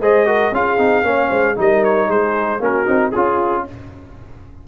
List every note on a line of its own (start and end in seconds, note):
0.00 0.51 G#3
0.00 0.26 G#4
0.00 0.27 C5
0.00 0.54 D#5
0.26 0.52 F#4
0.26 0.53 A#4
0.51 0.77 C#4
0.51 0.78 F4
0.51 1.06 G#4
0.51 1.58 F5
0.78 1.03 C4
0.78 1.03 D#4
1.03 1.29 A#3
1.03 1.55 C#4
1.03 1.27 C#5
1.27 1.57 G#3
1.27 1.53 C5
1.55 2.08 G3
1.55 2.60 D#4
1.55 2.08 A#4
1.55 1.84 D#5
1.84 2.10 C#5
2.08 2.59 G#3
2.08 2.60 G#4
2.08 2.62 C5
2.59 2.85 A#3
2.59 2.86 C#4
2.59 3.13 F#4
2.59 3.11 A#4
2.86 3.13 C4
2.86 3.12 D#4
3.11 3.67 C#4
3.11 3.65 F4
3.11 3.67 F4
3.11 3.63 G#4